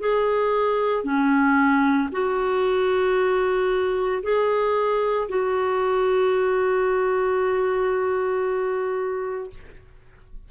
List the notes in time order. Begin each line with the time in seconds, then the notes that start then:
0.00 G#4
1.04 C#4
2.12 F#4
4.23 G#4
5.29 F#4